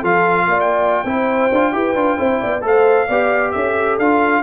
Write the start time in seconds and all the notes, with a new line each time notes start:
0.00 F3 F4 A4 F5
0.47 A#3 D5
0.61 G5
1.04 C4 E4 C5
1.52 D4 F4
1.73 E4 G4 B4
1.95 D4 F4
2.18 C4 E4 C5
2.40 B3 D5
2.61 A3 A4 C5 F5
3.07 B3 G4 D5
3.52 C#4 A4 E5
3.99 D4 F4 F5